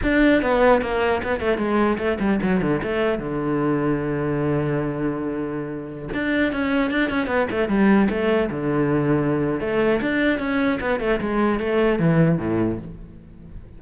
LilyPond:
\new Staff \with { instrumentName = "cello" } { \time 4/4 \tempo 4 = 150 d'4 b4 ais4 b8 a8 | gis4 a8 g8 fis8 d8 a4 | d1~ | d2.~ d16 d'8.~ |
d'16 cis'4 d'8 cis'8 b8 a8 g8.~ | g16 a4 d2~ d8. | a4 d'4 cis'4 b8 a8 | gis4 a4 e4 a,4 | }